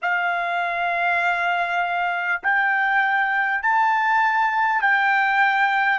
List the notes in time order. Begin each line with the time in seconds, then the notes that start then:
0.02 F5
2.42 G5
3.62 A5
4.81 G5